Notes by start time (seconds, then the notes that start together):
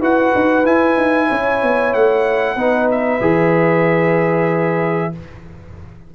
0.00 E4 F#4 B4 F#5
0.35 D#4
0.64 E4 G#5
0.97 D#4
1.28 C#4 C#5
1.63 B3
1.93 A3 F#5
2.55 B3 D#4 B4
2.91 E5
3.21 E3 G#4